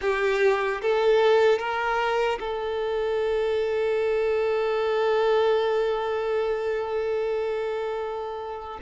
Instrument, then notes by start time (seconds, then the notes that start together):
violin
0.01 G4
0.81 A4
1.58 A#4
2.39 A4